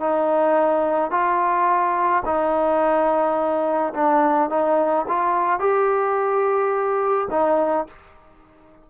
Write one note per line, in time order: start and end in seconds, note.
0.00 1.11 D#4
1.11 2.23 F4
2.25 3.93 D#4
3.94 4.49 D4
4.49 5.05 D#4
5.08 5.59 F4
5.59 7.28 G4
7.30 7.87 D#4